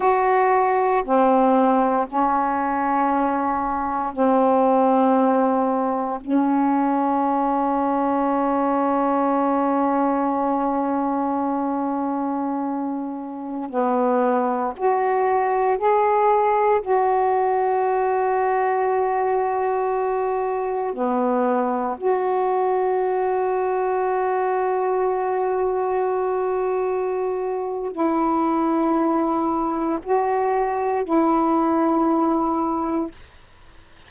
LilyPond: \new Staff \with { instrumentName = "saxophone" } { \time 4/4 \tempo 4 = 58 fis'4 c'4 cis'2 | c'2 cis'2~ | cis'1~ | cis'4~ cis'16 b4 fis'4 gis'8.~ |
gis'16 fis'2.~ fis'8.~ | fis'16 b4 fis'2~ fis'8.~ | fis'2. e'4~ | e'4 fis'4 e'2 | }